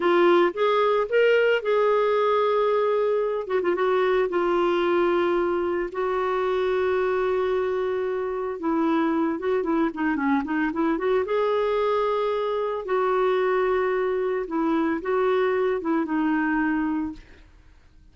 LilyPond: \new Staff \with { instrumentName = "clarinet" } { \time 4/4 \tempo 4 = 112 f'4 gis'4 ais'4 gis'4~ | gis'2~ gis'8 fis'16 f'16 fis'4 | f'2. fis'4~ | fis'1 |
e'4. fis'8 e'8 dis'8 cis'8 dis'8 | e'8 fis'8 gis'2. | fis'2. e'4 | fis'4. e'8 dis'2 | }